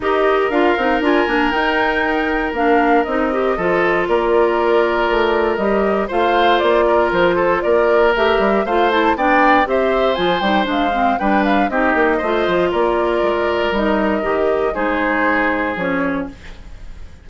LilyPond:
<<
  \new Staff \with { instrumentName = "flute" } { \time 4/4 \tempo 4 = 118 dis''4 f''4 gis''4 g''4~ | g''4 f''4 dis''2 | d''2. dis''4 | f''4 d''4 c''4 d''4 |
e''4 f''8 a''8 g''4 e''4 | gis''8 g''8 f''4 g''8 f''8 dis''4~ | dis''4 d''2 dis''4~ | dis''4 c''2 cis''4 | }
  \new Staff \with { instrumentName = "oboe" } { \time 4/4 ais'1~ | ais'2. a'4 | ais'1 | c''4. ais'4 a'8 ais'4~ |
ais'4 c''4 d''4 c''4~ | c''2 b'4 g'4 | c''4 ais'2.~ | ais'4 gis'2. | }
  \new Staff \with { instrumentName = "clarinet" } { \time 4/4 g'4 f'8 dis'8 f'8 d'8 dis'4~ | dis'4 d'4 dis'8 g'8 f'4~ | f'2. g'4 | f'1 |
g'4 f'8 e'8 d'4 g'4 | f'8 dis'8 d'8 c'8 d'4 dis'4 | f'2. dis'4 | g'4 dis'2 cis'4 | }
  \new Staff \with { instrumentName = "bassoon" } { \time 4/4 dis'4 d'8 c'8 d'8 ais8 dis'4~ | dis'4 ais4 c'4 f4 | ais2 a4 g4 | a4 ais4 f4 ais4 |
a8 g8 a4 b4 c'4 | f8 g8 gis4 g4 c'8 ais8 | a8 f8 ais4 gis4 g4 | dis4 gis2 f4 | }
>>